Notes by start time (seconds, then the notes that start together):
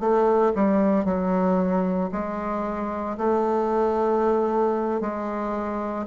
0.00 A3
0.56 G3
1.05 F#3
2.12 G#3
3.18 A3
5.01 G#3